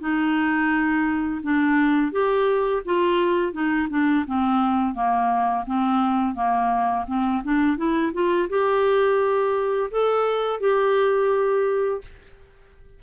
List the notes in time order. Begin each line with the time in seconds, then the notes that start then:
0.00 D#4
1.43 D4
2.12 G4
2.86 F4
3.53 D#4
3.90 D4
4.27 C4
4.94 A#3
5.66 C4
6.35 A#3
7.07 C4
7.44 D4
7.77 E4
8.13 F4
8.49 G4
9.91 A4
10.60 G4